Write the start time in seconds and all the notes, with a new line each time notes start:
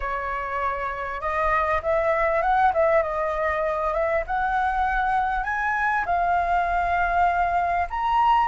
0.00 C#5
1.20 D#5
1.82 E5
2.42 F#5
2.73 E5
3.02 D#5
3.93 E5
4.26 F#5
5.43 G#5
6.05 F5
7.90 A#5